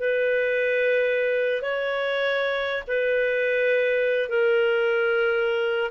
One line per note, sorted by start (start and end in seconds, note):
0.00 1.62 B4
1.62 2.83 C#5
2.87 4.29 B4
4.29 5.92 A#4